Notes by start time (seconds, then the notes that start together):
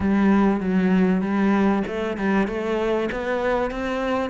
0.00 G3
0.60 F#3
1.21 G3
1.87 A3
2.16 G3
2.47 A3
3.11 B3
3.71 C4